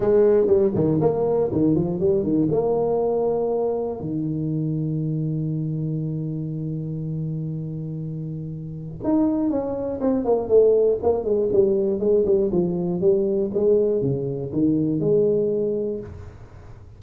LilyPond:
\new Staff \with { instrumentName = "tuba" } { \time 4/4 \tempo 4 = 120 gis4 g8 dis8 ais4 dis8 f8 | g8 dis8 ais2. | dis1~ | dis1~ |
dis2 dis'4 cis'4 | c'8 ais8 a4 ais8 gis8 g4 | gis8 g8 f4 g4 gis4 | cis4 dis4 gis2 | }